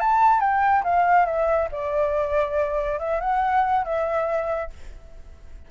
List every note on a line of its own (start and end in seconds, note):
0.00 0.40 A5
0.40 0.83 G5
0.84 1.26 F5
1.26 1.69 E5
1.72 2.99 D5
2.99 3.20 E5
3.20 3.84 F#5
3.84 4.70 E5